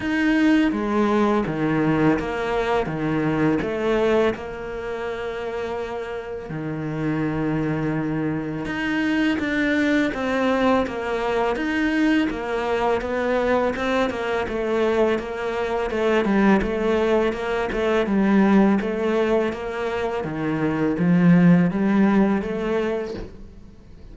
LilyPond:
\new Staff \with { instrumentName = "cello" } { \time 4/4 \tempo 4 = 83 dis'4 gis4 dis4 ais4 | dis4 a4 ais2~ | ais4 dis2. | dis'4 d'4 c'4 ais4 |
dis'4 ais4 b4 c'8 ais8 | a4 ais4 a8 g8 a4 | ais8 a8 g4 a4 ais4 | dis4 f4 g4 a4 | }